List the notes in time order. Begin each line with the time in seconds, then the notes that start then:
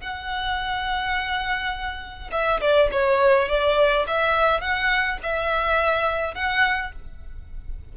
0.00 F#5
2.31 E5
2.60 D5
2.91 C#5
3.48 D5
4.07 E5
4.61 F#5
5.23 E5
6.34 F#5